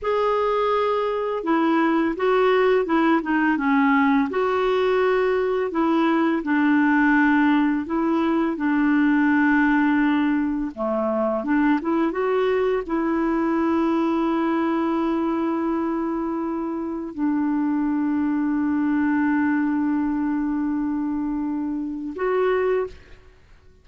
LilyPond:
\new Staff \with { instrumentName = "clarinet" } { \time 4/4 \tempo 4 = 84 gis'2 e'4 fis'4 | e'8 dis'8 cis'4 fis'2 | e'4 d'2 e'4 | d'2. a4 |
d'8 e'8 fis'4 e'2~ | e'1 | d'1~ | d'2. fis'4 | }